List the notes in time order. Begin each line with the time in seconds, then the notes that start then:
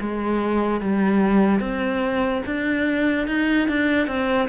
0.00 G#3
0.81 G3
1.60 C4
2.46 D4
3.27 D#4
3.68 D4
4.07 C4